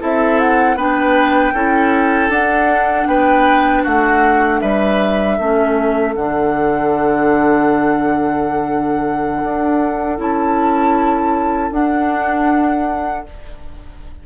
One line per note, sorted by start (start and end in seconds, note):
0.00 0.75 C4
0.00 0.77 E4
0.00 0.76 A4
0.00 0.39 E5
0.39 0.78 F#5
0.75 1.52 B3
0.75 1.54 D4
0.75 1.53 B4
0.75 2.31 G5
1.54 2.29 C#4
1.54 2.31 E4
1.54 3.08 A4
2.29 3.06 D4
2.29 5.40 D4
2.29 3.07 F#5
3.07 3.84 B3
3.07 3.83 B4
3.07 3.84 G5
3.83 4.62 A3
3.83 4.60 F#4
3.83 4.60 F#5
4.60 5.38 G3
4.60 5.37 B4
4.60 6.14 E5
5.37 6.15 A3
5.37 6.16 C#4
5.37 13.26 A4
6.15 9.42 D3
6.15 10.17 D4
6.15 10.19 F#5
9.43 10.18 D4
10.17 11.71 C#4
10.17 11.71 E4
10.17 11.72 A5
11.71 13.25 D4
11.71 13.26 F#5